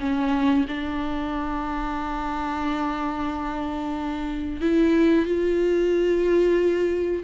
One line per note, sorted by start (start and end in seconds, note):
0.00 0.66 C#4
0.68 4.61 D4
4.61 5.26 E4
5.26 7.23 F4